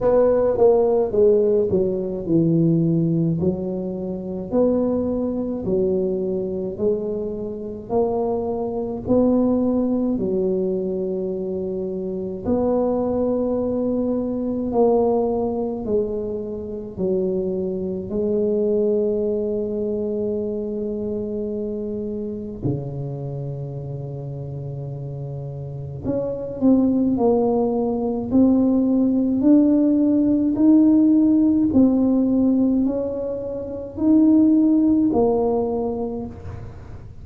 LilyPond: \new Staff \with { instrumentName = "tuba" } { \time 4/4 \tempo 4 = 53 b8 ais8 gis8 fis8 e4 fis4 | b4 fis4 gis4 ais4 | b4 fis2 b4~ | b4 ais4 gis4 fis4 |
gis1 | cis2. cis'8 c'8 | ais4 c'4 d'4 dis'4 | c'4 cis'4 dis'4 ais4 | }